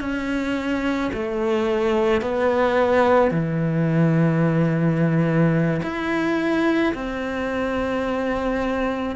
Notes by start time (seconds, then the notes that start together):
0.00 C#4
1.13 A3
2.21 B3
3.31 E3
5.82 E4
6.94 C4